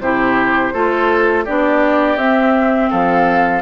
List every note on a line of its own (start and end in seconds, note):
0.00 0.72 C3
0.00 0.73 E4
0.00 0.73 G4
0.00 1.45 C5
0.73 1.47 A3
0.73 1.45 F4
0.73 1.45 A4
1.45 2.16 B3
1.45 2.18 D4
1.45 2.89 G4
1.45 2.17 D5
2.16 2.89 C4
2.16 3.62 C4
2.16 2.90 E5
2.90 3.62 F3
2.90 3.62 A4
2.90 3.62 F5